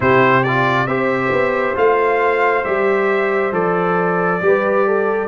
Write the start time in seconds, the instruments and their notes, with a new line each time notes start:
0.00 tuba C3, trombone E4, horn G4, trumpet C5
0.43 trombone F4, trumpet D5
0.86 tuba C4, trombone G4, horn C5, trumpet E5
1.31 tuba B3
1.75 tuba A3, trombone F4, trumpet F5
2.64 tuba G3, trombone G4, trumpet E5
3.52 tuba F3, trombone A4, trumpet D5
4.40 tuba G3, trombone G4, horn B4
4.87 horn A4